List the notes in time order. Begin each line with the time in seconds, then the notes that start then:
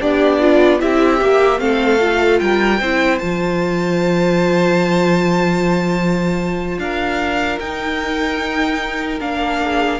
0.00 B3 D4 G4 D5
0.40 F4
0.79 C4 E4 G4 E5
1.21 A#3 G4
1.59 A3 C4 A4 F5
1.99 F4
2.39 G3 A#4 G5
2.81 C4 E4 C5
3.19 F3 F4 A5
6.78 D4 A#4 F5
7.60 D#4 G5
9.20 A#3 D4 F5
9.62 G#4